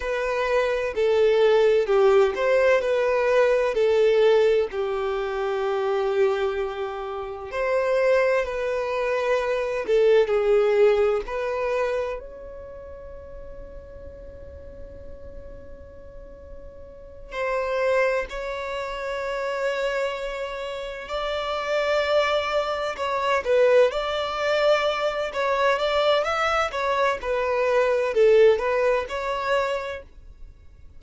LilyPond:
\new Staff \with { instrumentName = "violin" } { \time 4/4 \tempo 4 = 64 b'4 a'4 g'8 c''8 b'4 | a'4 g'2. | c''4 b'4. a'8 gis'4 | b'4 cis''2.~ |
cis''2~ cis''8 c''4 cis''8~ | cis''2~ cis''8 d''4.~ | d''8 cis''8 b'8 d''4. cis''8 d''8 | e''8 cis''8 b'4 a'8 b'8 cis''4 | }